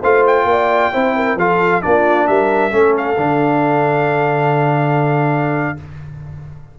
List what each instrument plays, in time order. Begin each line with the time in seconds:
0.00 tuba A3, trombone F4, horn C5, trumpet F5
0.27 trumpet G5
0.44 tuba A#3, horn D5
0.92 tuba C4, trombone E4, horn C5
1.15 horn A#4
1.36 tuba F3, trombone F4, horn A4, trumpet F5
1.81 tuba A#3, trombone D4, horn F4, trumpet D5
2.27 tuba G3, horn A#4, trumpet E5
2.71 tuba A3, trombone C#4, horn A4
2.97 trumpet F5
3.17 tuba D3, trombone D4